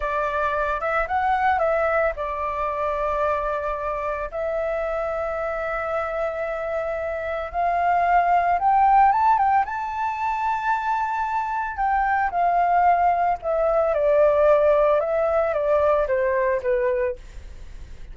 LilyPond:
\new Staff \with { instrumentName = "flute" } { \time 4/4 \tempo 4 = 112 d''4. e''8 fis''4 e''4 | d''1 | e''1~ | e''2 f''2 |
g''4 a''8 g''8 a''2~ | a''2 g''4 f''4~ | f''4 e''4 d''2 | e''4 d''4 c''4 b'4 | }